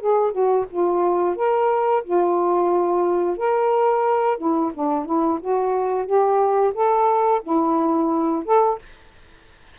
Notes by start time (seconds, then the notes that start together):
0.00 G#4
0.32 F#4
0.70 F4
1.36 A#4
2.04 F4
3.37 A#4
4.38 E4
4.74 D4
5.06 E4
5.41 F#4
6.06 G4
6.74 A4
7.43 E4
8.45 A4